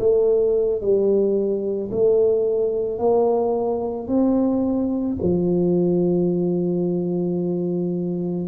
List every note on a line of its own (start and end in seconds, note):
0.00 0.81 A3
0.81 1.90 G3
1.91 2.99 A3
2.99 4.08 A#3
4.08 5.17 C4
5.22 8.48 F3